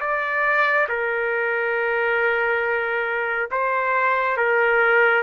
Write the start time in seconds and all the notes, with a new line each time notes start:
0.00 D5
0.88 A#4
3.51 C5
4.37 A#4